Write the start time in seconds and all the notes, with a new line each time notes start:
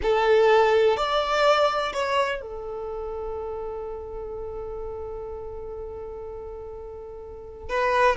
0.02 A4
0.96 D5
1.93 C#5
2.41 A4
7.69 B4